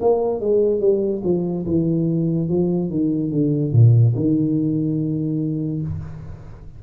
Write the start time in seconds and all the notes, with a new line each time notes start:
0.00 A#3
0.40 G#3
0.80 G3
1.23 F3
1.66 E3
2.48 F3
2.90 D#3
3.31 D3
3.72 A#2
4.15 D#3